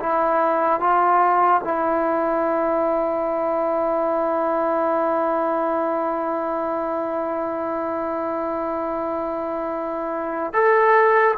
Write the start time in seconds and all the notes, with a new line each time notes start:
0.00 E4
0.80 F4
1.64 E4
10.54 A4